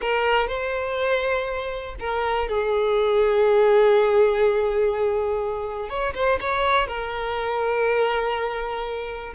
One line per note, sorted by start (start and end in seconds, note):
0.01 0.47 A#4
0.47 1.95 C5
1.99 2.48 A#4
2.48 5.89 G#4
5.89 6.13 C#5
6.14 6.39 C5
6.40 6.87 C#5
6.87 9.33 A#4